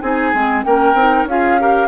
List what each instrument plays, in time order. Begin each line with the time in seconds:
0.00 bassoon C4, clarinet D#4, oboe G#4, flute G#5
0.33 bassoon G#3, clarinet C4
0.63 bassoon A#3, clarinet C#4, oboe A#4, flute G5
0.93 bassoon C4, clarinet D#4
1.24 bassoon C#4, clarinet F4, oboe G#4, flute F5
1.59 clarinet G4, oboe A#4